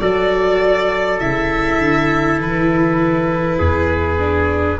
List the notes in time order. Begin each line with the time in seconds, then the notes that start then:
0.00 F#3 F#4 A4 D5
1.20 C#3 E4 E5
1.79 D3
2.38 E3 B4
3.59 E2 G#4
4.18 D4